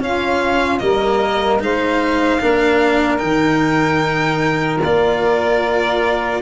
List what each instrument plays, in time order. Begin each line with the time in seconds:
0.00 cello C#4, tuba C#4, saxophone F4, violin F5
0.78 tuba G3, cello A#3, saxophone A#4, violin D#5
1.59 tuba G#3, cello D#4, saxophone C5, violin F5
2.40 tuba A#3, cello D4, saxophone A#4
3.18 tuba D#3, cello D#4, violin G5
4.83 tuba A#3, cello F4, violin D5